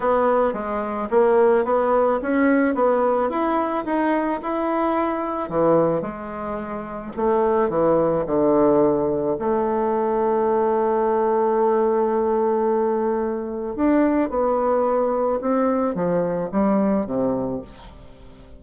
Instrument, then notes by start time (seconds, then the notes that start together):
bassoon
0.00 B3
0.53 G#3
1.10 A#3
1.64 B3
2.22 C#4
2.74 B3
3.29 E4
3.85 D#4
4.42 E4
5.49 E3
6.01 G#3
7.16 A3
7.69 E3
8.26 D3
9.39 A3
13.75 D4
14.29 B3
15.41 C4
15.94 F3
16.51 G3
17.06 C3